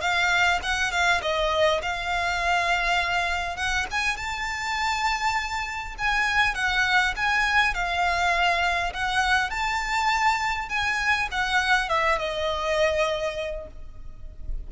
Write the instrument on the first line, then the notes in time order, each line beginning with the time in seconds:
violin
0.00 F5
0.62 F#5
0.91 F5
1.21 D#5
1.82 F5
3.56 F#5
3.90 G#5
4.16 A5
5.98 G#5
6.54 F#5
7.16 G#5
7.74 F5
8.93 F#5
9.50 A5
10.69 G#5
11.31 F#5
11.89 E5
12.18 D#5